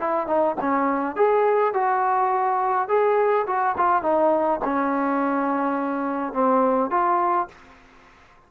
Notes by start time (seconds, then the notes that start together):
0.00 E4
0.26 D#4
0.61 C#4
1.16 G#4
1.74 F#4
2.88 G#4
3.47 F#4
3.77 F4
4.02 D#4
4.64 C#4
6.33 C4
6.90 F4